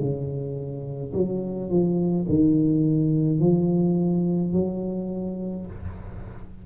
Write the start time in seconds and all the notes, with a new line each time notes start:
0.00 C#3
1.14 F#3
1.70 F3
2.29 D#3
3.40 F3
4.53 F#3